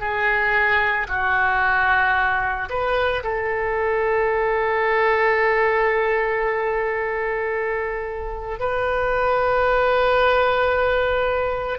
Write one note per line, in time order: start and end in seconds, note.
0.00 1.07 G#4
1.09 2.69 F#4
2.70 3.23 B4
3.24 8.60 A4
8.60 11.79 B4